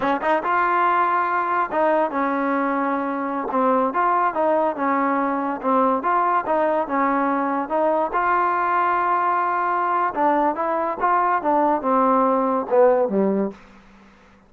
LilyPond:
\new Staff \with { instrumentName = "trombone" } { \time 4/4 \tempo 4 = 142 cis'8 dis'8 f'2. | dis'4 cis'2.~ | cis'16 c'4 f'4 dis'4 cis'8.~ | cis'4~ cis'16 c'4 f'4 dis'8.~ |
dis'16 cis'2 dis'4 f'8.~ | f'1 | d'4 e'4 f'4 d'4 | c'2 b4 g4 | }